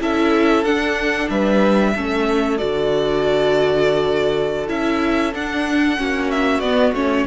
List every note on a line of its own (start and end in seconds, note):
0.00 0.64 C#4
0.00 0.65 E4
0.00 1.31 A4
0.00 0.64 E5
0.64 1.28 D4
0.64 1.94 D4
0.64 1.29 F#5
1.29 1.94 G3
1.29 1.94 B4
1.29 2.58 E5
1.94 2.60 A3
1.94 2.58 C#4
1.94 5.98 A4
2.58 4.69 D3
2.58 4.67 F#4
2.58 4.67 D5
4.67 5.33 C#4
4.67 5.32 E4
4.67 5.33 E5
5.33 5.98 D4
5.33 5.97 D4
5.33 6.31 F#5
5.97 6.59 A#3
5.97 6.61 C#4
5.97 7.27 F#4
6.31 6.60 E5
6.59 6.92 B3
6.59 6.95 B3
6.59 6.92 D5
6.93 7.25 A3
6.93 7.27 C#4
6.93 7.27 C#5